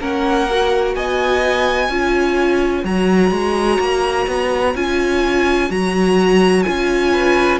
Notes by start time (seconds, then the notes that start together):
0.00 A#3 C#4 A#4 F#5
0.50 F#4
0.95 B3 D#5 G#5
1.89 C#4 F4 C#5
2.85 F#3 F#4 A#5
3.31 G#3
3.79 A#3
4.27 B3
4.75 C#4 F4 G#5
5.70 F#3 F#4 A#5
6.63 C#4 F4 G#5
7.13 B4